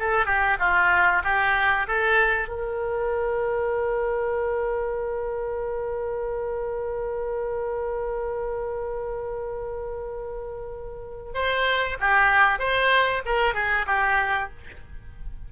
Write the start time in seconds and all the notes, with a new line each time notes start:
0.00 A4
0.26 G4
0.60 F4
1.24 G4
1.88 A4
2.49 A#4
11.35 C5
12.01 G4
12.59 C5
13.26 A#4
13.55 G#4
13.87 G4